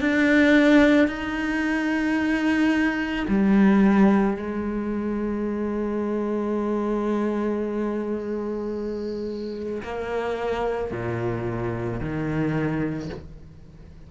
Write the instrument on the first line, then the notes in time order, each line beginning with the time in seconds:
cello
0.00 D4
1.08 D#4
3.28 G3
4.36 G#3
9.82 A#3
10.91 A#2
12.00 D#3